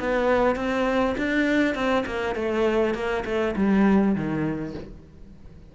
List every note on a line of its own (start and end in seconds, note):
0.00 0.56 B3
0.56 1.16 C4
1.18 1.75 D4
1.75 2.05 C4
2.07 2.36 A#3
2.36 2.95 A3
2.95 3.25 A#3
3.26 3.55 A3
3.56 4.16 G3
4.16 4.75 D#3